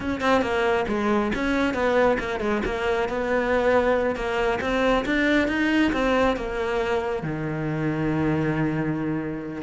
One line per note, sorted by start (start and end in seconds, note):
0.00 0.20 C#4
0.20 0.41 C4
0.41 0.85 A#3
0.88 1.32 G#3
1.34 1.73 C#4
1.73 2.17 B3
2.19 2.39 A#3
2.39 2.61 G#3
2.65 3.08 A#3
3.08 4.15 B3
4.15 4.59 A#3
4.61 5.04 C4
5.05 5.48 D4
5.48 5.91 D#4
5.92 6.36 C4
6.36 7.22 A#3
7.22 9.62 D#3